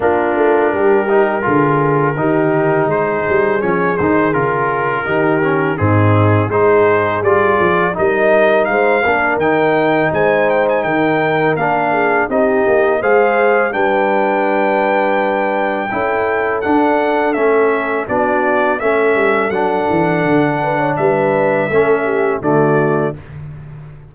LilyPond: <<
  \new Staff \with { instrumentName = "trumpet" } { \time 4/4 \tempo 4 = 83 ais'1 | c''4 cis''8 c''8 ais'2 | gis'4 c''4 d''4 dis''4 | f''4 g''4 gis''8 g''16 gis''16 g''4 |
f''4 dis''4 f''4 g''4~ | g''2. fis''4 | e''4 d''4 e''4 fis''4~ | fis''4 e''2 d''4 | }
  \new Staff \with { instrumentName = "horn" } { \time 4/4 f'4 g'4 gis'4 g'4 | gis'2. g'4 | dis'4 gis'2 ais'4 | c''8 ais'4. c''4 ais'4~ |
ais'8 gis'8 g'4 c''4 b'4~ | b'2 a'2~ | a'4 fis'4 a'2~ | a'8 b'16 cis''16 b'4 a'8 g'8 fis'4 | }
  \new Staff \with { instrumentName = "trombone" } { \time 4/4 d'4. dis'8 f'4 dis'4~ | dis'4 cis'8 dis'8 f'4 dis'8 cis'8 | c'4 dis'4 f'4 dis'4~ | dis'8 d'8 dis'2. |
d'4 dis'4 gis'4 d'4~ | d'2 e'4 d'4 | cis'4 d'4 cis'4 d'4~ | d'2 cis'4 a4 | }
  \new Staff \with { instrumentName = "tuba" } { \time 4/4 ais8 a8 g4 d4 dis4 | gis8 g8 f8 dis8 cis4 dis4 | gis,4 gis4 g8 f8 g4 | gis8 ais8 dis4 gis4 dis4 |
ais4 c'8 ais8 gis4 g4~ | g2 cis'4 d'4 | a4 b4 a8 g8 fis8 e8 | d4 g4 a4 d4 | }
>>